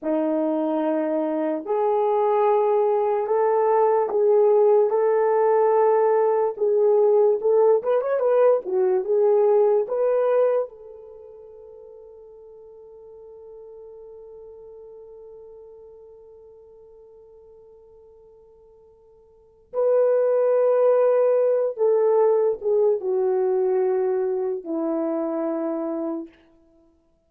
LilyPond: \new Staff \with { instrumentName = "horn" } { \time 4/4 \tempo 4 = 73 dis'2 gis'2 | a'4 gis'4 a'2 | gis'4 a'8 b'16 cis''16 b'8 fis'8 gis'4 | b'4 a'2.~ |
a'1~ | a'1 | b'2~ b'8 a'4 gis'8 | fis'2 e'2 | }